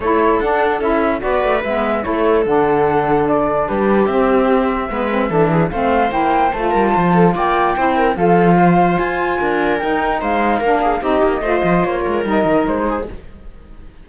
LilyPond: <<
  \new Staff \with { instrumentName = "flute" } { \time 4/4 \tempo 4 = 147 cis''4 fis''4 e''4 d''4 | e''4 cis''4 fis''2 | d''4 b'4 e''2~ | e''2 f''4 g''4 |
a''2 g''2 | f''2 gis''2 | g''4 f''2 dis''4~ | dis''4 cis''4 dis''4 c''4 | }
  \new Staff \with { instrumentName = "viola" } { \time 4/4 a'2. b'4~ | b'4 a'2.~ | a'4 g'2. | b'4 a'8 gis'8 c''2~ |
c''8 ais'8 c''8 a'8 d''4 c''8 ais'8 | a'4 c''2 ais'4~ | ais'4 c''4 ais'8 gis'8 g'4 | c''4. ais'2 gis'8 | }
  \new Staff \with { instrumentName = "saxophone" } { \time 4/4 e'4 d'4 e'4 fis'4 | b4 e'4 d'2~ | d'2 c'2 | b8 c'8 d'4 c'4 e'4 |
f'2. e'4 | f'1 | dis'2 d'4 dis'4 | f'2 dis'2 | }
  \new Staff \with { instrumentName = "cello" } { \time 4/4 a4 d'4 cis'4 b8 a8 | gis4 a4 d2~ | d4 g4 c'2 | gis4 e4 a4 ais4 |
a8 g8 f4 ais4 c'4 | f2 f'4 d'4 | dis'4 gis4 ais4 c'8 ais8 | a8 f8 ais8 gis8 g8 dis8 gis4 | }
>>